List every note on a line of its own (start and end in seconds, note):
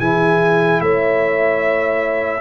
0.00 0.81 E3
0.00 2.41 E4
0.00 0.82 G#4
0.00 0.81 G#5
0.81 2.41 A3
0.81 2.41 C#5
0.81 2.41 E5